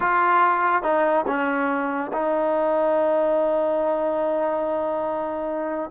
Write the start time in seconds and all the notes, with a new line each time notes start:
0.00 F4
0.83 D#4
1.27 C#4
2.12 D#4